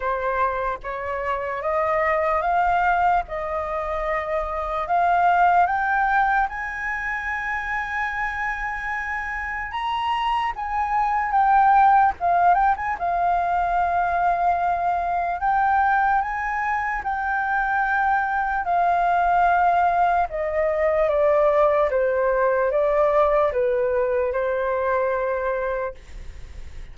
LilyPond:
\new Staff \with { instrumentName = "flute" } { \time 4/4 \tempo 4 = 74 c''4 cis''4 dis''4 f''4 | dis''2 f''4 g''4 | gis''1 | ais''4 gis''4 g''4 f''8 g''16 gis''16 |
f''2. g''4 | gis''4 g''2 f''4~ | f''4 dis''4 d''4 c''4 | d''4 b'4 c''2 | }